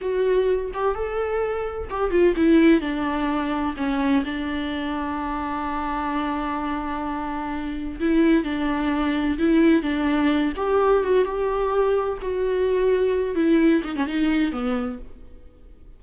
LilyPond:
\new Staff \with { instrumentName = "viola" } { \time 4/4 \tempo 4 = 128 fis'4. g'8 a'2 | g'8 f'8 e'4 d'2 | cis'4 d'2.~ | d'1~ |
d'4 e'4 d'2 | e'4 d'4. g'4 fis'8 | g'2 fis'2~ | fis'8 e'4 dis'16 cis'16 dis'4 b4 | }